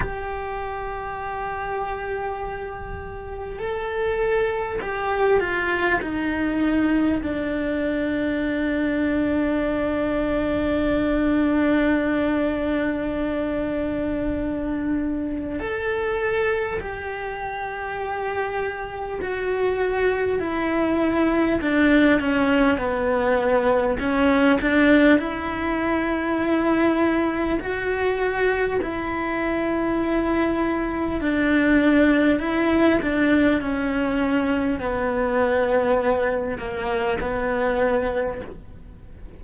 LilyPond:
\new Staff \with { instrumentName = "cello" } { \time 4/4 \tempo 4 = 50 g'2. a'4 | g'8 f'8 dis'4 d'2~ | d'1~ | d'4 a'4 g'2 |
fis'4 e'4 d'8 cis'8 b4 | cis'8 d'8 e'2 fis'4 | e'2 d'4 e'8 d'8 | cis'4 b4. ais8 b4 | }